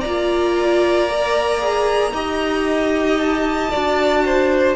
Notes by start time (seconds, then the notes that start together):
0.00 A#3 F4 D5 A#5
1.10 A#4
1.60 G#4
2.12 D#4 G4 D#5
3.18 A5
3.71 D4 F#4 D5
4.25 C5